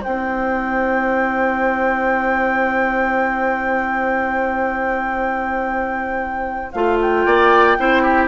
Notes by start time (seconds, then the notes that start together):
0.00 C4 E4 C5 G5
6.72 A3 F4 F5
7.01 G5
7.26 A#3 D5
7.78 C4 E4 C5
8.02 G4